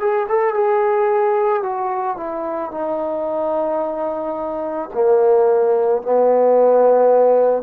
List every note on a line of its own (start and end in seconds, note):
0.00 0.27 G#4
0.29 0.55 A4
0.55 1.63 G#4
1.63 2.17 F#4
2.17 2.71 E4
2.71 4.89 D#4
4.94 6.02 A#3
6.02 7.63 B3